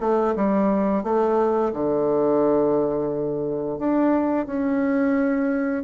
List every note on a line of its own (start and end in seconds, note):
0.00 0.34 A3
0.35 1.03 G3
1.03 1.72 A3
1.73 3.78 D3
3.78 4.46 D4
4.46 5.83 C#4